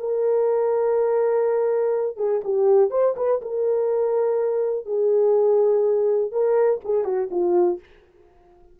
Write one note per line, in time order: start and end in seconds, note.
0.00 2.17 A#4
2.17 2.41 G#4
2.44 2.90 G4
2.90 3.15 C5
3.16 3.41 B4
3.42 4.86 A#4
4.86 6.32 G#4
6.32 6.81 A#4
6.84 7.05 G#4
7.05 7.29 F#4
7.31 7.80 F4